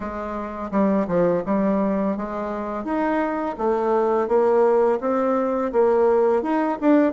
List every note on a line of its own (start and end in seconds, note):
0.00 0.70 G#3
0.71 1.06 G3
1.07 1.43 F3
1.45 2.17 G3
2.17 2.84 G#3
2.84 3.55 D#4
3.58 4.28 A3
4.28 4.99 A#3
5.00 5.71 C4
5.72 6.42 A#3
6.42 6.78 D#4
6.80 7.12 D4